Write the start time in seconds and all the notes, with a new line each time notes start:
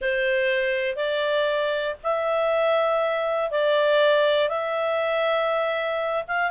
0.01 C5
0.96 D5
2.03 E5
3.50 D5
4.49 E5
6.27 F5